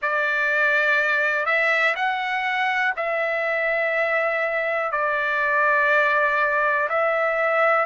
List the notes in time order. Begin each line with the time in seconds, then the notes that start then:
0.02 D5
1.45 E5
1.95 F#5
2.96 E5
4.91 D5
6.89 E5